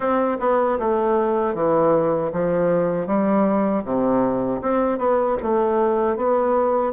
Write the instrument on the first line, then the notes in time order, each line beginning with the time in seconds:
bassoon
0.00 C4
0.40 B3
0.79 A3
1.54 E3
2.32 F3
3.07 G3
3.84 C3
4.62 C4
4.98 B3
5.42 A3
6.16 B3